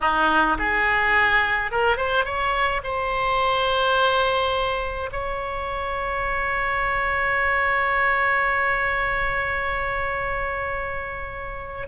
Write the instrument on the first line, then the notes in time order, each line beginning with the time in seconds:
oboe
0.01 D#4
0.58 G#4
1.71 A#4
1.97 C5
2.24 C#5
2.83 C5
5.11 C#5